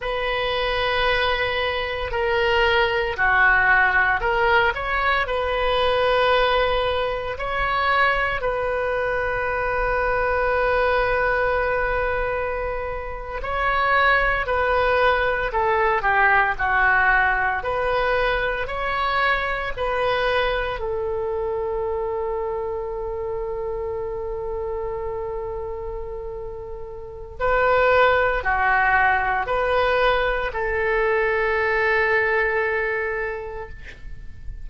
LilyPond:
\new Staff \with { instrumentName = "oboe" } { \time 4/4 \tempo 4 = 57 b'2 ais'4 fis'4 | ais'8 cis''8 b'2 cis''4 | b'1~ | b'8. cis''4 b'4 a'8 g'8 fis'16~ |
fis'8. b'4 cis''4 b'4 a'16~ | a'1~ | a'2 b'4 fis'4 | b'4 a'2. | }